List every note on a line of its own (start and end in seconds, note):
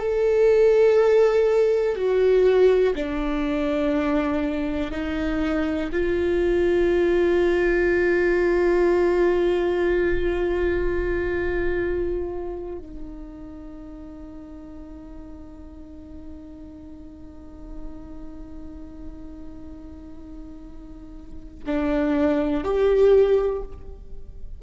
0.00 1.96 A4
1.96 2.94 F#4
2.96 4.91 D4
4.91 5.90 D#4
5.92 12.79 F4
12.79 21.64 D#4
21.66 22.65 D4
22.65 23.63 G4